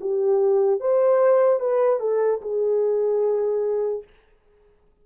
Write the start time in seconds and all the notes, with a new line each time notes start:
0.00 G4
0.80 C5
1.60 B4
1.99 A4
2.41 G#4